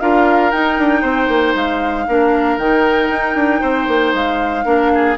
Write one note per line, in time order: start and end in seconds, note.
0.00 0.52 D4
0.00 0.52 F4
0.00 1.01 A#4
0.00 0.51 F5
0.51 0.78 D#4
0.51 2.08 D#4
0.51 1.54 G5
0.78 1.03 D4
1.01 1.28 C4
1.01 2.05 C5
1.28 1.54 A#3
1.55 2.07 G#3
1.55 2.58 F5
2.07 2.57 A#3
2.07 2.59 D4
2.07 3.61 A#4
2.57 3.09 D#3
2.57 4.64 D#4
2.57 4.13 G5
3.10 3.35 D#4
3.35 3.61 D4
3.61 3.87 C4
3.61 4.64 C5
3.87 4.13 A#3
4.13 4.65 G#3
4.13 5.18 F5
4.64 5.16 A#3
4.64 5.16 D4
4.64 4.91 A#4
4.94 5.18 G#4